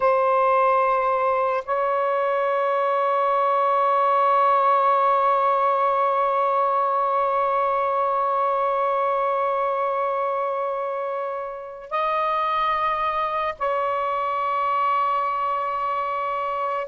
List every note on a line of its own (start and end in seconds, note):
0.00 1.64 C5
1.65 11.90 C#5
11.90 13.54 D#5
13.58 16.87 C#5